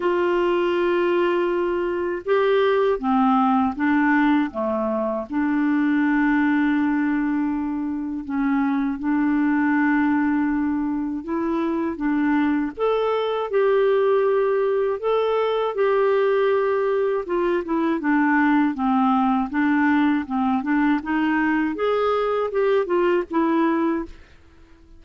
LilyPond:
\new Staff \with { instrumentName = "clarinet" } { \time 4/4 \tempo 4 = 80 f'2. g'4 | c'4 d'4 a4 d'4~ | d'2. cis'4 | d'2. e'4 |
d'4 a'4 g'2 | a'4 g'2 f'8 e'8 | d'4 c'4 d'4 c'8 d'8 | dis'4 gis'4 g'8 f'8 e'4 | }